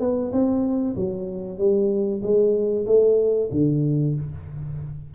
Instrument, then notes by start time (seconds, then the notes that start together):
tuba
0.00 B3
0.32 C4
0.96 F#3
1.58 G3
2.22 G#3
2.86 A3
3.52 D3